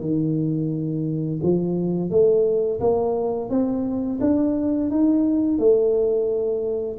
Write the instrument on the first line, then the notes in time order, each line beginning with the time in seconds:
tuba
0.00 D#3
1.42 F3
2.10 A3
2.80 A#3
3.49 C4
4.20 D4
4.90 D#4
5.58 A3